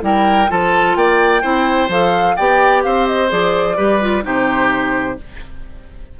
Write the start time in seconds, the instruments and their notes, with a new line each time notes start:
0.00 bassoon G3, clarinet E4, oboe A#4, flute G5
0.48 bassoon F3, clarinet F4, oboe A4, flute A5
0.95 bassoon A#3, oboe D5, flute G5
1.42 bassoon C4, clarinet E4, oboe C5
1.88 bassoon F3, clarinet A4, flute F5
2.36 bassoon B3, clarinet G4, oboe D5, flute G5
2.83 bassoon C4, oboe C5, flute F5
3.07 flute D#5
3.28 bassoon F3, clarinet G#4, flute D5
3.76 bassoon G3, clarinet G4, oboe B4
4.01 clarinet F4
4.22 bassoon C3, clarinet D#4, oboe G4, flute C5